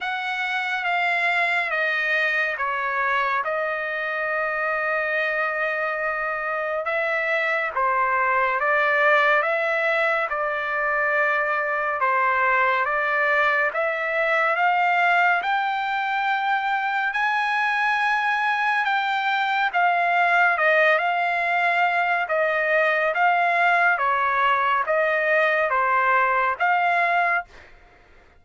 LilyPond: \new Staff \with { instrumentName = "trumpet" } { \time 4/4 \tempo 4 = 70 fis''4 f''4 dis''4 cis''4 | dis''1 | e''4 c''4 d''4 e''4 | d''2 c''4 d''4 |
e''4 f''4 g''2 | gis''2 g''4 f''4 | dis''8 f''4. dis''4 f''4 | cis''4 dis''4 c''4 f''4 | }